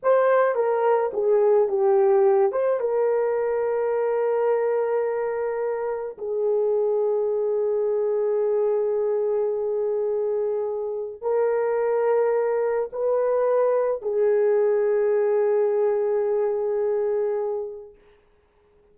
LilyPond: \new Staff \with { instrumentName = "horn" } { \time 4/4 \tempo 4 = 107 c''4 ais'4 gis'4 g'4~ | g'8 c''8 ais'2.~ | ais'2. gis'4~ | gis'1~ |
gis'1 | ais'2. b'4~ | b'4 gis'2.~ | gis'1 | }